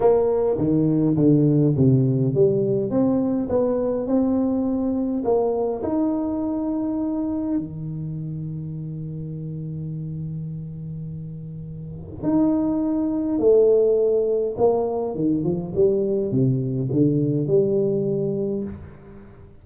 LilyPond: \new Staff \with { instrumentName = "tuba" } { \time 4/4 \tempo 4 = 103 ais4 dis4 d4 c4 | g4 c'4 b4 c'4~ | c'4 ais4 dis'2~ | dis'4 dis2.~ |
dis1~ | dis4 dis'2 a4~ | a4 ais4 dis8 f8 g4 | c4 d4 g2 | }